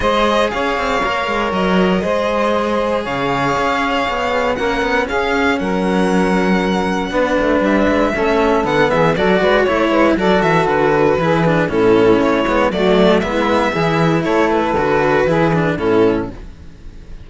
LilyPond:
<<
  \new Staff \with { instrumentName = "violin" } { \time 4/4 \tempo 4 = 118 dis''4 f''2 dis''4~ | dis''2 f''2~ | f''4 fis''4 f''4 fis''4~ | fis''2. e''4~ |
e''4 fis''8 e''8 d''4 cis''4 | d''8 e''8 b'2 a'4 | cis''4 d''4 e''2 | cis''8 b'2~ b'8 a'4 | }
  \new Staff \with { instrumentName = "saxophone" } { \time 4/4 c''4 cis''2. | c''2 cis''2~ | cis''4 ais'4 gis'4 ais'4~ | ais'2 b'2 |
a'4. gis'8 a'8 b'8 cis''8 b'8 | a'2 gis'4 e'4~ | e'4 fis'4 e'4 gis'4 | a'2 gis'4 e'4 | }
  \new Staff \with { instrumentName = "cello" } { \time 4/4 gis'2 ais'2 | gis'1~ | gis'4 cis'2.~ | cis'2 d'2 |
cis'4 b4 fis'4 e'4 | fis'2 e'8 d'8 cis'4~ | cis'8 b8 a4 b4 e'4~ | e'4 fis'4 e'8 d'8 cis'4 | }
  \new Staff \with { instrumentName = "cello" } { \time 4/4 gis4 cis'8 c'8 ais8 gis8 fis4 | gis2 cis4 cis'4 | b4 ais8 b8 cis'4 fis4~ | fis2 b8 a8 g8 gis8 |
a4 d8 e8 fis8 gis8 a8 gis8 | fis8 e8 d4 e4 a,4 | a8 gis8 fis4 gis4 e4 | a4 d4 e4 a,4 | }
>>